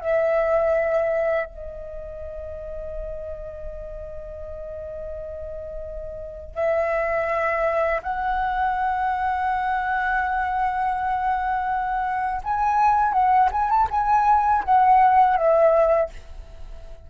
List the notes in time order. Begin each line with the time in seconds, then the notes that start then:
0.00 E5
1.46 D#5
6.55 E5
8.02 F#5
12.44 G#5
13.12 F#5
13.52 G#5
13.70 A5
13.91 G#5
14.64 F#5
15.36 E5